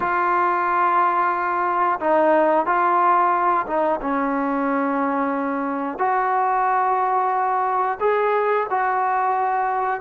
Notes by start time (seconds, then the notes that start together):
0.00 F4
2.00 D#4
2.66 F4
3.66 D#4
4.01 C#4
5.98 F#4
8.00 G#4
8.69 F#4